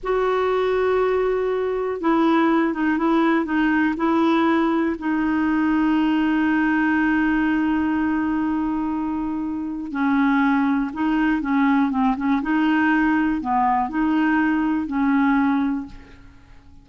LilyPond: \new Staff \with { instrumentName = "clarinet" } { \time 4/4 \tempo 4 = 121 fis'1 | e'4. dis'8 e'4 dis'4 | e'2 dis'2~ | dis'1~ |
dis'1 | cis'2 dis'4 cis'4 | c'8 cis'8 dis'2 b4 | dis'2 cis'2 | }